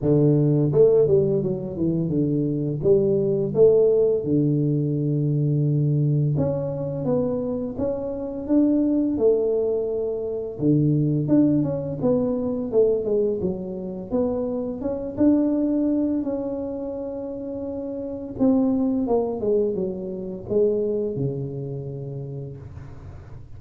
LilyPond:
\new Staff \with { instrumentName = "tuba" } { \time 4/4 \tempo 4 = 85 d4 a8 g8 fis8 e8 d4 | g4 a4 d2~ | d4 cis'4 b4 cis'4 | d'4 a2 d4 |
d'8 cis'8 b4 a8 gis8 fis4 | b4 cis'8 d'4. cis'4~ | cis'2 c'4 ais8 gis8 | fis4 gis4 cis2 | }